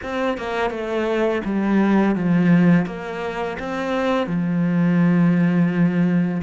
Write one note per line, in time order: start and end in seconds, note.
0.02 0.37 C4
0.37 0.70 A#3
0.70 1.41 A3
1.44 2.15 G3
2.15 2.86 F3
2.86 3.57 A#3
3.59 4.26 C4
4.26 6.41 F3